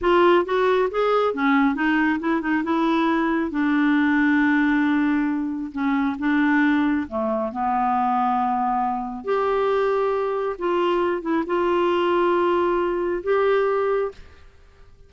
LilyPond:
\new Staff \with { instrumentName = "clarinet" } { \time 4/4 \tempo 4 = 136 f'4 fis'4 gis'4 cis'4 | dis'4 e'8 dis'8 e'2 | d'1~ | d'4 cis'4 d'2 |
a4 b2.~ | b4 g'2. | f'4. e'8 f'2~ | f'2 g'2 | }